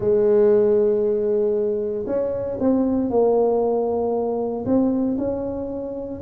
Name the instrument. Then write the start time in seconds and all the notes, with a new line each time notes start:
tuba
0.00 G#3
2.06 C#4
2.60 C4
3.10 A#3
4.65 C4
5.17 C#4